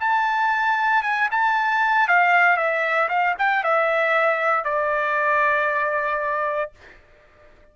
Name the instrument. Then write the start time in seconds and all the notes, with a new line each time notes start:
trumpet
0.00 A5
1.03 G#5
1.32 A5
2.08 F5
2.57 E5
3.09 F5
3.39 G5
3.64 E5
4.65 D5